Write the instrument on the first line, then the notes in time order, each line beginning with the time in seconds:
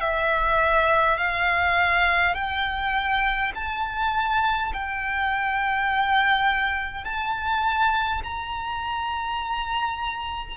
violin
0.00 E5
1.17 F5
2.34 G5
3.55 A5
4.73 G5
7.04 A5
8.24 A#5